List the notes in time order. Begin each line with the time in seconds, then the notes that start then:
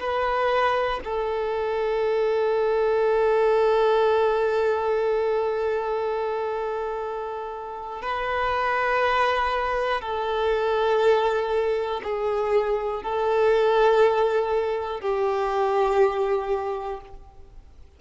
0.00 B4
1.05 A4
8.02 B4
10.02 A4
12.04 G#4
13.03 A4
15.01 G4